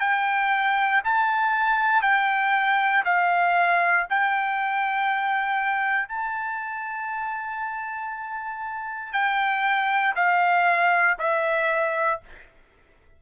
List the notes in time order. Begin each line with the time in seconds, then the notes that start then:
0.00 G5
1.04 A5
2.02 G5
3.05 F5
4.10 G5
6.08 A5
9.13 G5
10.16 F5
11.19 E5